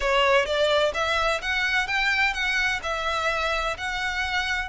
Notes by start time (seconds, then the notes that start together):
0.00 C#5
0.45 D5
0.94 E5
1.41 F#5
1.87 G5
2.33 F#5
2.83 E5
3.77 F#5